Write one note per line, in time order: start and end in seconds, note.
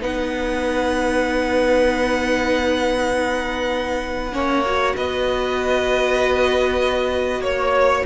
0.00 4.32 B3
0.00 4.32 D#4
0.00 4.33 B4
0.00 4.96 F#5
4.32 4.94 A#3
4.32 4.63 C#4
4.32 4.95 C#5
4.66 8.05 F#4
4.96 7.39 B3
4.96 7.41 B4
4.96 7.43 D#5
7.39 8.01 A#3
7.39 8.03 C#5
7.39 8.05 C#5